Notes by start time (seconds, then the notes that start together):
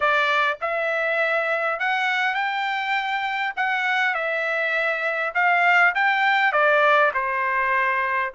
0.00 D5
0.61 E5
1.79 F#5
2.34 G5
3.56 F#5
4.14 E5
5.34 F5
5.94 G5
6.52 D5
7.13 C5